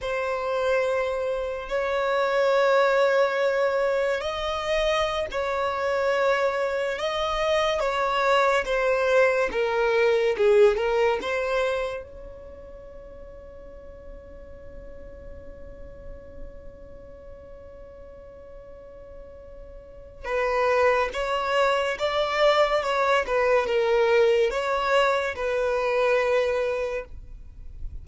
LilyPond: \new Staff \with { instrumentName = "violin" } { \time 4/4 \tempo 4 = 71 c''2 cis''2~ | cis''4 dis''4~ dis''16 cis''4.~ cis''16~ | cis''16 dis''4 cis''4 c''4 ais'8.~ | ais'16 gis'8 ais'8 c''4 cis''4.~ cis''16~ |
cis''1~ | cis''1 | b'4 cis''4 d''4 cis''8 b'8 | ais'4 cis''4 b'2 | }